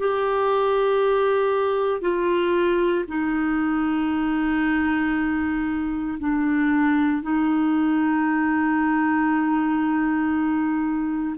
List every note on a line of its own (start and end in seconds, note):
0.00 2.02 G4
2.02 3.05 F4
3.08 6.19 D#4
6.20 7.23 D4
7.23 11.37 D#4